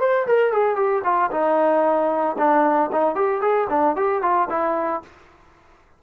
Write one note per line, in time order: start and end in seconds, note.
0.00 0.26 C5
0.27 0.52 A#4
0.52 0.76 G#4
0.76 1.02 G4
1.04 1.30 F4
1.31 2.36 D#4
2.38 2.90 D4
2.92 3.15 D#4
3.15 3.41 G4
3.41 3.67 G#4
3.70 3.96 D4
3.96 4.22 G4
4.22 4.48 F4
4.50 5.02 E4